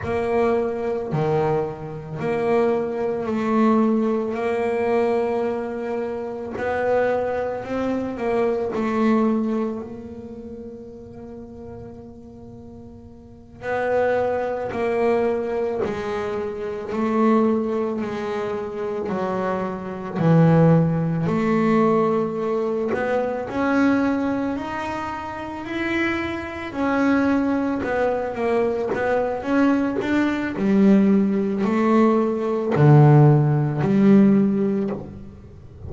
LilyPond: \new Staff \with { instrumentName = "double bass" } { \time 4/4 \tempo 4 = 55 ais4 dis4 ais4 a4 | ais2 b4 c'8 ais8 | a4 ais2.~ | ais8 b4 ais4 gis4 a8~ |
a8 gis4 fis4 e4 a8~ | a4 b8 cis'4 dis'4 e'8~ | e'8 cis'4 b8 ais8 b8 cis'8 d'8 | g4 a4 d4 g4 | }